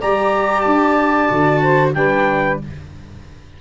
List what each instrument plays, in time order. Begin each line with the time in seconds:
0.00 tuba G3, viola G4, saxophone D5, trumpet A#5
0.60 tuba D4, trumpet A5
1.28 tuba D3, viola F#4
1.61 saxophone C5
1.94 tuba G3, viola D4, saxophone B4, trumpet G5